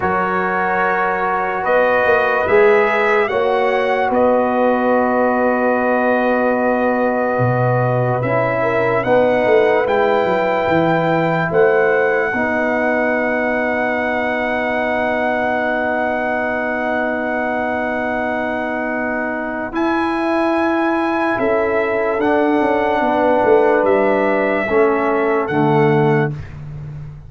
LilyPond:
<<
  \new Staff \with { instrumentName = "trumpet" } { \time 4/4 \tempo 4 = 73 cis''2 dis''4 e''4 | fis''4 dis''2.~ | dis''2 e''4 fis''4 | g''2 fis''2~ |
fis''1~ | fis''1 | gis''2 e''4 fis''4~ | fis''4 e''2 fis''4 | }
  \new Staff \with { instrumentName = "horn" } { \time 4/4 ais'2 b'2 | cis''4 b'2.~ | b'2~ b'8 ais'8 b'4~ | b'2 c''4 b'4~ |
b'1~ | b'1~ | b'2 a'2 | b'2 a'2 | }
  \new Staff \with { instrumentName = "trombone" } { \time 4/4 fis'2. gis'4 | fis'1~ | fis'2 e'4 dis'4 | e'2. dis'4~ |
dis'1~ | dis'1 | e'2. d'4~ | d'2 cis'4 a4 | }
  \new Staff \with { instrumentName = "tuba" } { \time 4/4 fis2 b8 ais8 gis4 | ais4 b2.~ | b4 b,4 cis'4 b8 a8 | gis8 fis8 e4 a4 b4~ |
b1~ | b1 | e'2 cis'4 d'8 cis'8 | b8 a8 g4 a4 d4 | }
>>